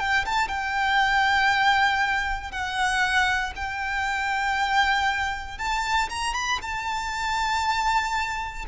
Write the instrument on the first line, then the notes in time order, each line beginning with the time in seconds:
violin
0.00 G5
0.26 A5
0.49 G5
2.52 F#5
3.56 G5
5.58 A5
6.10 A#5
6.34 B5
6.62 A5